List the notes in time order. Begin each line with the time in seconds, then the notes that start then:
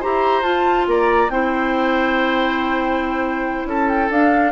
0.00 E4 G4 C5 A#5
0.42 F4 A5
0.87 A#3 D5 A#5
1.29 C4 E4 C5 G5
3.65 C#4 A4 A5
3.89 G5
4.11 D4 F5